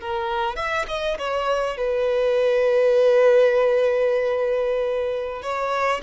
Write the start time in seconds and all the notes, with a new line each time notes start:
0.00 A#4
0.56 E5
0.88 D#5
1.18 C#5
1.77 B4
5.42 C#5